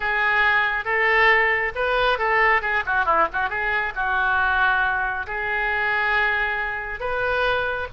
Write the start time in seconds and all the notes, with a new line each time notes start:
0.00 G#4
0.84 A4
1.75 B4
2.18 A4
2.61 G#4
2.86 F#4
3.05 E4
3.32 F#4
3.49 G#4
3.95 F#4
5.26 G#4
7.00 B4